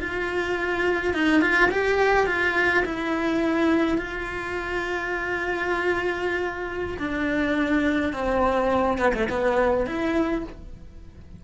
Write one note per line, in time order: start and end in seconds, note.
0.00 1.14 F4
1.14 1.42 D#4
1.42 1.70 F4
1.71 2.27 G4
2.27 2.84 F4
2.85 3.98 E4
3.98 6.98 F4
6.99 8.13 D4
8.14 8.98 C4
8.98 9.13 B3
9.14 9.29 A3
9.30 9.87 B3
9.87 10.44 E4